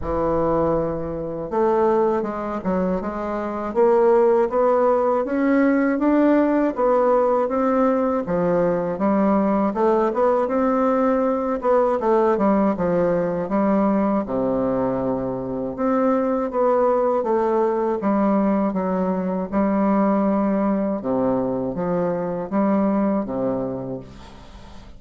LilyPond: \new Staff \with { instrumentName = "bassoon" } { \time 4/4 \tempo 4 = 80 e2 a4 gis8 fis8 | gis4 ais4 b4 cis'4 | d'4 b4 c'4 f4 | g4 a8 b8 c'4. b8 |
a8 g8 f4 g4 c4~ | c4 c'4 b4 a4 | g4 fis4 g2 | c4 f4 g4 c4 | }